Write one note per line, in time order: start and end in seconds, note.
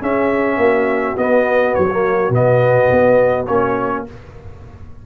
0.00 1.17 C#4
0.00 0.57 C#4
0.00 0.58 G#4
0.00 1.17 E5
0.57 1.15 A#3
0.57 4.06 F#4
1.17 1.75 B3
1.17 1.89 B3
1.17 1.75 D#5
1.75 2.30 F#3
1.75 2.32 C#5
1.90 2.31 A#3
2.30 2.88 B2
2.30 3.47 B3
2.30 3.46 D#5
2.91 3.48 B3
3.46 4.06 A#3
3.46 4.06 C#4
3.46 4.04 C#5